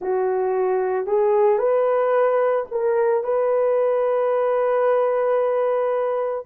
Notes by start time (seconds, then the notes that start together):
0.00 F#4
1.06 G#4
1.58 B4
2.71 A#4
3.23 B4